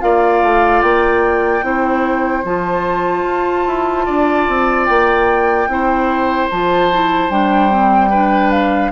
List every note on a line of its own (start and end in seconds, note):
0.00 0.42 A#3
0.00 1.62 F4
0.00 1.66 D5
0.00 0.82 F5
0.42 0.82 A3
0.82 1.62 A#3
0.82 2.44 G5
1.62 2.43 C4
1.62 2.43 E4
1.62 4.06 C5
2.44 3.23 F3
2.44 5.69 F4
2.44 4.85 A5
3.23 3.64 F4
3.67 4.07 E4
4.06 4.48 D4
4.06 5.68 D5
4.48 4.89 C4
4.85 5.67 A#3
4.85 6.47 G5
5.67 6.48 C4
5.67 6.50 E4
5.67 8.10 C5
6.50 7.30 F3
6.50 6.92 F4
6.50 7.30 A5
6.92 7.30 E4
7.30 8.92 G3
7.30 7.70 D4
7.30 8.51 G5
7.70 8.10 C4
8.10 8.92 D4
8.10 8.91 B4
8.51 8.92 F5